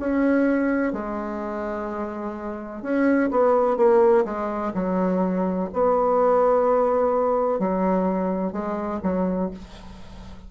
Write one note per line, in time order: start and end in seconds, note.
0.00 0.93 C#4
0.93 2.83 G#3
2.83 3.30 C#4
3.31 3.77 B3
3.77 4.25 A#3
4.25 4.72 G#3
4.74 5.69 F#3
5.73 7.60 B3
7.60 8.52 F#3
8.52 9.00 G#3
9.03 9.51 F#3